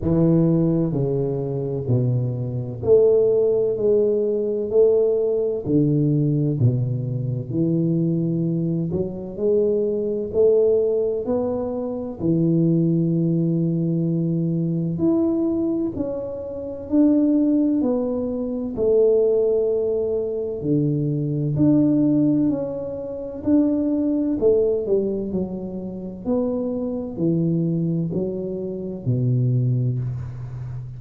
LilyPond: \new Staff \with { instrumentName = "tuba" } { \time 4/4 \tempo 4 = 64 e4 cis4 b,4 a4 | gis4 a4 d4 b,4 | e4. fis8 gis4 a4 | b4 e2. |
e'4 cis'4 d'4 b4 | a2 d4 d'4 | cis'4 d'4 a8 g8 fis4 | b4 e4 fis4 b,4 | }